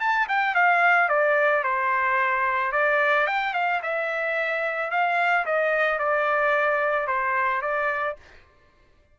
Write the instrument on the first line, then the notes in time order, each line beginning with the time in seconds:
trumpet
0.00 A5
0.28 G5
0.55 F5
1.09 D5
1.63 C5
2.72 D5
3.27 G5
3.53 F5
3.82 E5
4.90 F5
5.45 D#5
5.99 D5
7.07 C5
7.62 D5